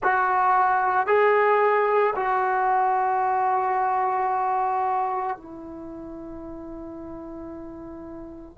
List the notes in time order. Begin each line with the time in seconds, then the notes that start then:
0.03 F#4
1.07 G#4
2.15 F#4
5.36 E4